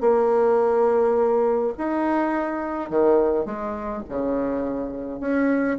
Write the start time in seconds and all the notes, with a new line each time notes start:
0.00 A#3
1.77 D#4
2.90 D#3
3.45 G#3
4.09 C#3
5.20 C#4